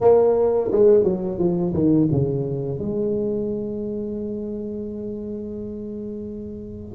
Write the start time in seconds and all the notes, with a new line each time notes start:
0.01 A#3
0.71 G#3
1.03 F#3
1.38 F3
1.73 D#3
2.11 C#3
2.78 G#3